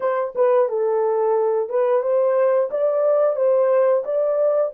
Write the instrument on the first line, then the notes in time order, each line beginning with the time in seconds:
horn
0.00 C5
0.35 B4
0.68 A4
1.69 B4
2.02 C5
2.70 D5
3.36 C5
4.04 D5